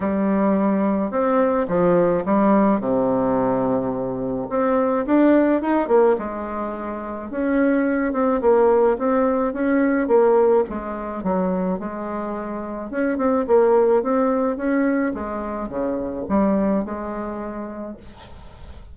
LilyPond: \new Staff \with { instrumentName = "bassoon" } { \time 4/4 \tempo 4 = 107 g2 c'4 f4 | g4 c2. | c'4 d'4 dis'8 ais8 gis4~ | gis4 cis'4. c'8 ais4 |
c'4 cis'4 ais4 gis4 | fis4 gis2 cis'8 c'8 | ais4 c'4 cis'4 gis4 | cis4 g4 gis2 | }